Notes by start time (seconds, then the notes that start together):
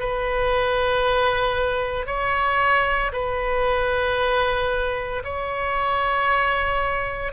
0.00 B4
2.06 C#5
3.12 B4
5.24 C#5